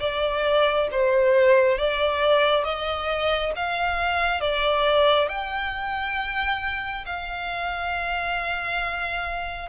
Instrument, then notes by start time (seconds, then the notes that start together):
violin
0.00 D5
0.92 C5
1.78 D5
2.64 D#5
3.56 F5
4.41 D5
5.29 G5
7.06 F5